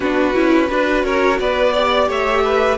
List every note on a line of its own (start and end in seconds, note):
0.00 0.35 B3
0.00 0.34 D4
0.00 0.69 F#4
0.00 1.04 B4
0.34 0.70 C#4
0.34 0.67 E4
0.67 1.04 D4
0.67 1.72 F#4
0.67 1.05 B4
1.04 1.39 C#4
1.04 1.40 A#4
1.04 1.39 C#5
1.39 2.08 B3
1.39 1.73 B4
1.39 2.09 D5
1.73 2.77 G4
1.73 2.07 D5
2.08 2.77 A3
2.08 2.43 C#5
2.08 2.77 E5
2.44 2.77 B4